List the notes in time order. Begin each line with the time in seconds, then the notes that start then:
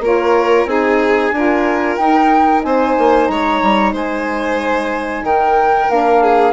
0.00 A#3 F4 A#4 C#5
0.65 C4 D#4 G#4 G#5
1.32 D4 F4 A#4
1.96 D#4 G5
2.63 C4 C5 G#5
2.98 A#3
3.27 G#3 C#5 A#5
3.62 G3
3.93 G#3 C5 G#5
5.23 D#3 A#4 G5
5.90 A#3 D4 F5
6.23 G#4